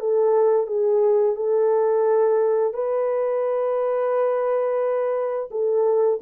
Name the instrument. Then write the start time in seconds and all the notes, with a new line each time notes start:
horn
0.00 A4
0.67 G#4
1.36 A4
2.74 B4
5.51 A4